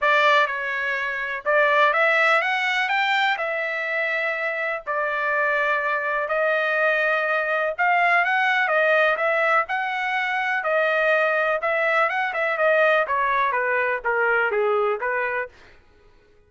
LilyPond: \new Staff \with { instrumentName = "trumpet" } { \time 4/4 \tempo 4 = 124 d''4 cis''2 d''4 | e''4 fis''4 g''4 e''4~ | e''2 d''2~ | d''4 dis''2. |
f''4 fis''4 dis''4 e''4 | fis''2 dis''2 | e''4 fis''8 e''8 dis''4 cis''4 | b'4 ais'4 gis'4 b'4 | }